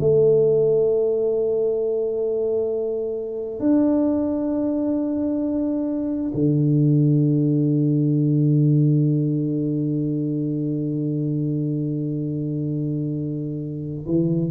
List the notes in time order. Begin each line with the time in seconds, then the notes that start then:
0.00 A3
3.60 D4
6.34 D3
14.07 E3